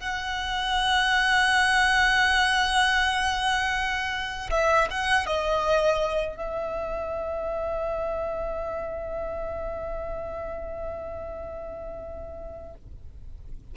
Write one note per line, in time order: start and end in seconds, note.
0.00 4.50 F#5
4.50 4.88 E5
4.90 5.26 F#5
5.26 6.37 D#5
6.37 12.74 E5